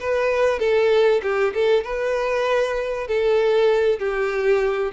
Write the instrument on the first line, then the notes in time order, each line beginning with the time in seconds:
violin
0.00 B4
0.60 A4
1.23 G4
1.54 A4
1.84 B4
3.08 A4
3.99 G4